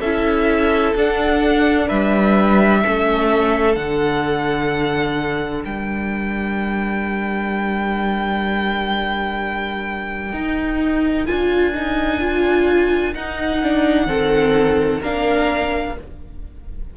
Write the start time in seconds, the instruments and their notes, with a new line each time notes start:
0.00 cello C#4, viola E4, violin A4 E5
0.95 cello D4, viola D4, violin F#5
1.87 cello G3, violin B4 E5
2.82 cello A3, viola C#4, violin A4
3.73 cello D3, viola D4, violin F#5
5.63 cello G3, violin A#4 G5
10.33 cello D#4, viola D#4
11.26 cello D4, viola F4, violin G#5
11.74 viola D#4
12.21 viola F4
13.15 viola D#4, cello D#4, violin F#5
13.62 viola D4
14.06 cello D#3, viola C4, violin A4
15.01 cello A#3, viola D4, violin A#4 F5